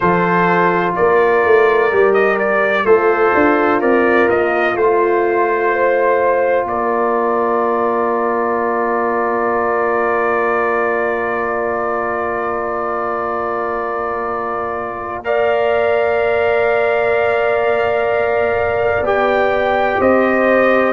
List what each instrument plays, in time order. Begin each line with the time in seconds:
0.00 tuba F3, trombone F4, horn A4, trumpet C5
0.95 tuba A#3, horn A#4, trumpet D5
1.45 tuba A3
1.91 tuba G3, trombone G4
2.13 trumpet D#5
2.38 trumpet D5
2.84 tuba A3, horn F4, trombone A4, trumpet C5
3.34 tuba D4
3.80 tuba C4, trombone A#4, trumpet D5
4.29 tuba A#3, trumpet D#5
4.75 tuba A3, trombone F4, trumpet C5
5.71 horn C5
6.63 tuba A#3, horn A#4, trumpet D5
15.23 trombone A#4, horn D5, trumpet F5
19.01 tuba B3, trombone G4, trumpet G5
19.99 tuba C4, horn C5, trumpet D#5